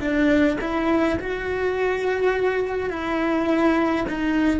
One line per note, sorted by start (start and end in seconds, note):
0.00 0.58 D4
0.61 1.19 E4
1.20 2.90 F#4
2.90 4.05 E4
4.09 4.60 D#4